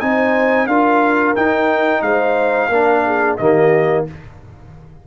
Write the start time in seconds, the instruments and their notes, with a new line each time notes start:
0.00 tuba C4, trombone D#4, horn C5, trumpet G#5
0.67 tuba D4, trombone F4, horn A#4, trumpet F5
1.35 trombone D#4, tuba D#4, trumpet G5
2.02 tuba G#3, horn C5, trumpet F5
2.69 tuba A#3, trombone D4, horn A#4
3.05 horn G#4
3.37 tuba D#3, trombone A#3, horn G4, trumpet D#5